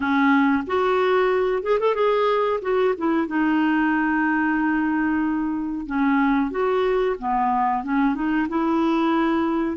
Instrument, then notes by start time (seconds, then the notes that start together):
clarinet
0.00 C#4
0.67 F#4
1.62 G#4
1.79 A4
1.94 G#4
2.61 F#4
2.97 E4
3.27 D#4
5.86 C#4
6.50 F#4
7.18 B3
7.83 C#4
8.14 D#4
8.48 E4